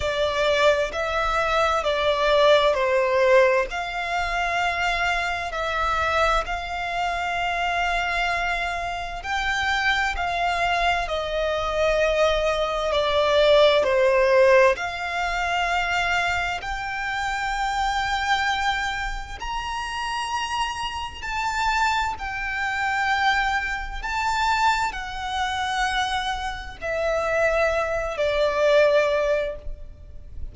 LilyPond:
\new Staff \with { instrumentName = "violin" } { \time 4/4 \tempo 4 = 65 d''4 e''4 d''4 c''4 | f''2 e''4 f''4~ | f''2 g''4 f''4 | dis''2 d''4 c''4 |
f''2 g''2~ | g''4 ais''2 a''4 | g''2 a''4 fis''4~ | fis''4 e''4. d''4. | }